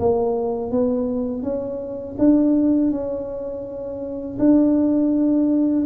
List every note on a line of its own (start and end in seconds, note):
0.00 0.72 A#3
0.72 1.43 B3
1.43 2.17 C#4
2.19 2.91 D4
2.91 4.38 C#4
4.39 5.85 D4